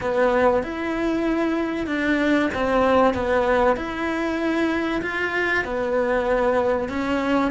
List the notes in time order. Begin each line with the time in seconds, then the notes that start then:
0.01 B3
0.63 E4
1.86 D4
2.54 C4
3.14 B3
3.76 E4
5.02 F4
5.64 B3
6.88 C#4